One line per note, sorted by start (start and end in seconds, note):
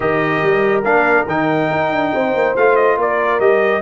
0.00 0.41 D#3
0.00 0.83 G4
0.00 2.13 A#4
0.00 0.82 D#5
0.43 0.84 G3
0.83 1.26 A#3
0.83 1.27 D4
0.83 1.26 F5
1.26 1.69 D#3
1.26 2.56 D#4
1.26 2.56 G5
1.71 1.91 D#4
1.91 2.13 D4
2.13 2.33 C4
2.13 2.97 C5
2.33 2.55 A#3
2.56 2.97 A3
2.56 3.40 F4
2.56 2.76 F5
2.76 2.97 D#5
2.97 3.39 A#3
2.97 3.82 A#4
2.97 3.39 D5
3.39 3.82 G3
3.39 3.82 G4
3.39 3.82 D#5